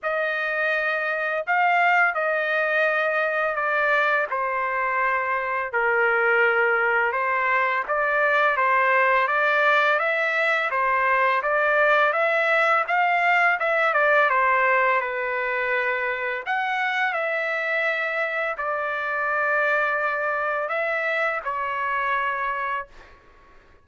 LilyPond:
\new Staff \with { instrumentName = "trumpet" } { \time 4/4 \tempo 4 = 84 dis''2 f''4 dis''4~ | dis''4 d''4 c''2 | ais'2 c''4 d''4 | c''4 d''4 e''4 c''4 |
d''4 e''4 f''4 e''8 d''8 | c''4 b'2 fis''4 | e''2 d''2~ | d''4 e''4 cis''2 | }